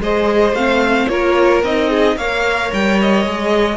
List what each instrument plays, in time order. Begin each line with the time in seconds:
0.00 cello G#3, viola G#4, violin C5 D#5
0.52 cello A3, viola C4, violin F5
1.08 cello A#3, viola F4, violin A#4 C#5
1.63 cello C4, viola D#4, violin D#5
1.90 violin G#4
2.16 cello A#3, viola A#4, violin C#5 F5
2.73 cello G3, violin G5
3.01 violin D#5
3.26 cello G#3, viola G#4